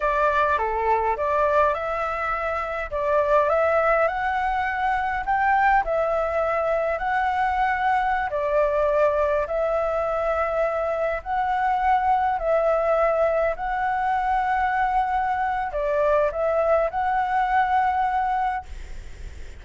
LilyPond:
\new Staff \with { instrumentName = "flute" } { \time 4/4 \tempo 4 = 103 d''4 a'4 d''4 e''4~ | e''4 d''4 e''4 fis''4~ | fis''4 g''4 e''2 | fis''2~ fis''16 d''4.~ d''16~ |
d''16 e''2. fis''8.~ | fis''4~ fis''16 e''2 fis''8.~ | fis''2. d''4 | e''4 fis''2. | }